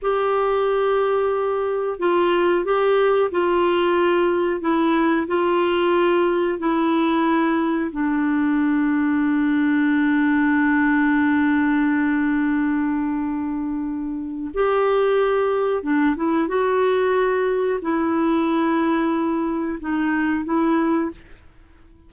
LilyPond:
\new Staff \with { instrumentName = "clarinet" } { \time 4/4 \tempo 4 = 91 g'2. f'4 | g'4 f'2 e'4 | f'2 e'2 | d'1~ |
d'1~ | d'2 g'2 | d'8 e'8 fis'2 e'4~ | e'2 dis'4 e'4 | }